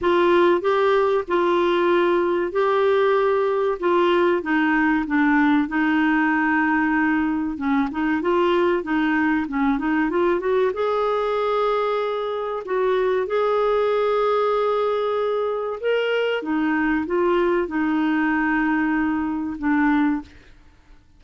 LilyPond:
\new Staff \with { instrumentName = "clarinet" } { \time 4/4 \tempo 4 = 95 f'4 g'4 f'2 | g'2 f'4 dis'4 | d'4 dis'2. | cis'8 dis'8 f'4 dis'4 cis'8 dis'8 |
f'8 fis'8 gis'2. | fis'4 gis'2.~ | gis'4 ais'4 dis'4 f'4 | dis'2. d'4 | }